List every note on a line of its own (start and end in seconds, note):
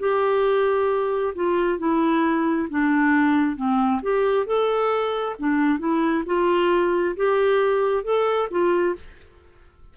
0.00 1.34 G4
1.36 1.79 F4
1.79 2.69 E4
2.70 3.57 D4
3.57 4.01 C4
4.03 4.47 G4
4.47 5.36 A4
5.39 5.79 D4
5.79 6.24 E4
6.26 7.16 F4
7.17 8.04 G4
8.04 8.49 A4
8.51 8.96 F4